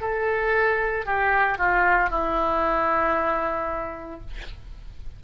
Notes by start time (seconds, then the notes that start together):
0.00 A4
1.05 G4
1.58 F4
2.10 E4